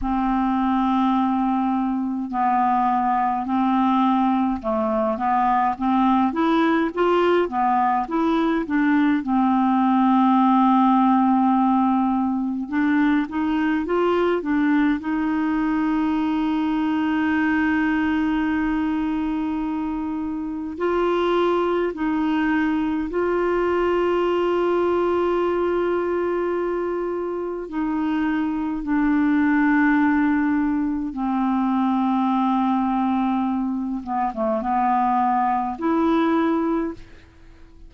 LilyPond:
\new Staff \with { instrumentName = "clarinet" } { \time 4/4 \tempo 4 = 52 c'2 b4 c'4 | a8 b8 c'8 e'8 f'8 b8 e'8 d'8 | c'2. d'8 dis'8 | f'8 d'8 dis'2.~ |
dis'2 f'4 dis'4 | f'1 | dis'4 d'2 c'4~ | c'4. b16 a16 b4 e'4 | }